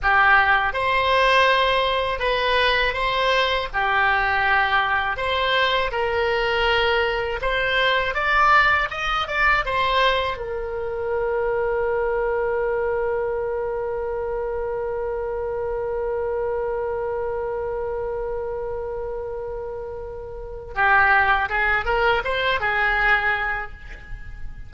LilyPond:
\new Staff \with { instrumentName = "oboe" } { \time 4/4 \tempo 4 = 81 g'4 c''2 b'4 | c''4 g'2 c''4 | ais'2 c''4 d''4 | dis''8 d''8 c''4 ais'2~ |
ais'1~ | ais'1~ | ais'1 | g'4 gis'8 ais'8 c''8 gis'4. | }